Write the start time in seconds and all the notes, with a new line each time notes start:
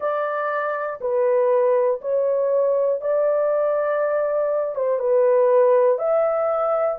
0.00 D5
1.00 B4
2.01 C#5
3.01 D5
4.75 C5
4.99 B4
5.98 E5